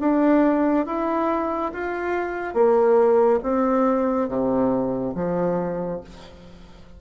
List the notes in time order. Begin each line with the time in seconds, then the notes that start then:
0.00 D4
0.86 E4
1.73 F4
2.54 A#3
3.42 C4
4.28 C3
5.15 F3